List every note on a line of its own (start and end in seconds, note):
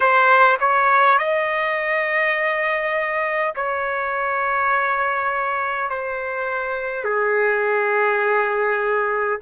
0.00 0.57 C5
0.59 1.18 C#5
1.18 3.53 D#5
3.55 5.89 C#5
5.89 7.04 C5
7.04 9.39 G#4